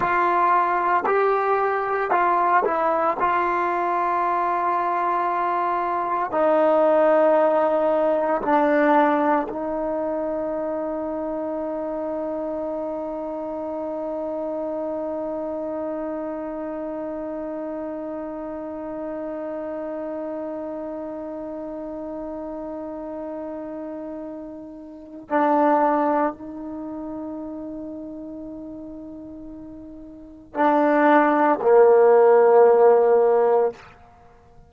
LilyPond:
\new Staff \with { instrumentName = "trombone" } { \time 4/4 \tempo 4 = 57 f'4 g'4 f'8 e'8 f'4~ | f'2 dis'2 | d'4 dis'2.~ | dis'1~ |
dis'1~ | dis'1 | d'4 dis'2.~ | dis'4 d'4 ais2 | }